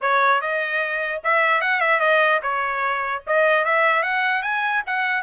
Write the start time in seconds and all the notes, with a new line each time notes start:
0.01 C#5
0.41 D#5
1.23 E5
1.61 F#5
1.80 E5
2.00 D#5
2.42 C#5
3.26 D#5
3.64 E5
4.03 F#5
4.42 G#5
4.86 F#5